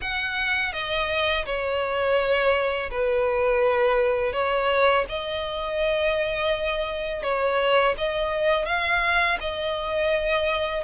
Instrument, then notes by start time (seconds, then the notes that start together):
violin
0.01 F#5
0.73 D#5
1.45 C#5
2.90 B4
4.32 C#5
5.08 D#5
7.23 C#5
7.97 D#5
8.65 F5
9.40 D#5